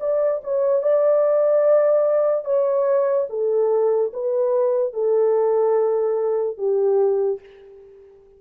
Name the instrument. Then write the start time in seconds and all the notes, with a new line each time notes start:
horn
0.00 D5
0.44 C#5
0.82 D5
2.45 C#5
3.30 A4
4.13 B4
4.93 A4
6.58 G4